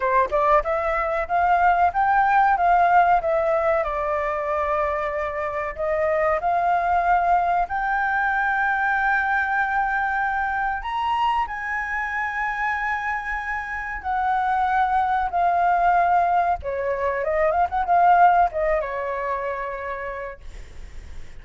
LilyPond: \new Staff \with { instrumentName = "flute" } { \time 4/4 \tempo 4 = 94 c''8 d''8 e''4 f''4 g''4 | f''4 e''4 d''2~ | d''4 dis''4 f''2 | g''1~ |
g''4 ais''4 gis''2~ | gis''2 fis''2 | f''2 cis''4 dis''8 f''16 fis''16 | f''4 dis''8 cis''2~ cis''8 | }